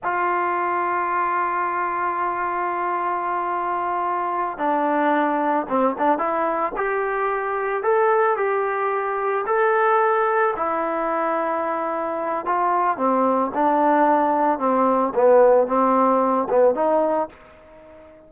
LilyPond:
\new Staff \with { instrumentName = "trombone" } { \time 4/4 \tempo 4 = 111 f'1~ | f'1~ | f'8 d'2 c'8 d'8 e'8~ | e'8 g'2 a'4 g'8~ |
g'4. a'2 e'8~ | e'2. f'4 | c'4 d'2 c'4 | b4 c'4. b8 dis'4 | }